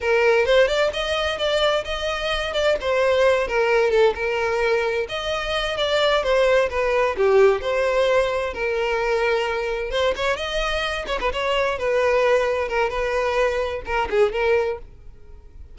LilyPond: \new Staff \with { instrumentName = "violin" } { \time 4/4 \tempo 4 = 130 ais'4 c''8 d''8 dis''4 d''4 | dis''4. d''8 c''4. ais'8~ | ais'8 a'8 ais'2 dis''4~ | dis''8 d''4 c''4 b'4 g'8~ |
g'8 c''2 ais'4.~ | ais'4. c''8 cis''8 dis''4. | cis''16 b'16 cis''4 b'2 ais'8 | b'2 ais'8 gis'8 ais'4 | }